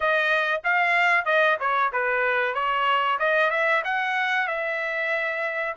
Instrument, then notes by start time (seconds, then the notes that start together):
trumpet
0.00 D#5
0.64 F5
1.25 D#5
1.60 C#5
1.92 B4
2.54 C#5
3.19 D#5
3.50 E5
3.84 F#5
4.47 E5